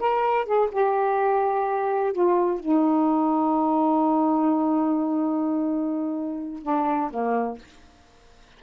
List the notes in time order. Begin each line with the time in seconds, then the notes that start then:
0.00 A#4
0.45 G#4
0.72 G4
2.13 F4
2.60 D#4
6.63 D4
7.11 A#3